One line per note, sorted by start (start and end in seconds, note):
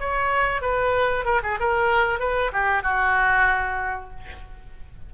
0.00 0.62 C#5
0.62 1.25 B4
1.25 1.41 A#4
1.43 1.59 G#4
1.60 2.20 A#4
2.20 2.52 B4
2.53 2.83 G4
2.83 4.11 F#4